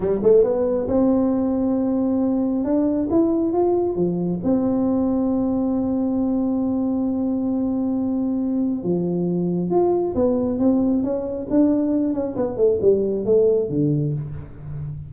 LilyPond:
\new Staff \with { instrumentName = "tuba" } { \time 4/4 \tempo 4 = 136 g8 a8 b4 c'2~ | c'2 d'4 e'4 | f'4 f4 c'2~ | c'1~ |
c'1 | f2 f'4 b4 | c'4 cis'4 d'4. cis'8 | b8 a8 g4 a4 d4 | }